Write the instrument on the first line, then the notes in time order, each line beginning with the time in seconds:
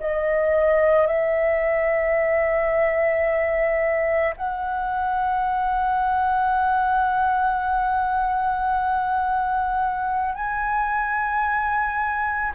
flute
0.00 D#5
1.07 E5
4.37 F#5
10.35 G#5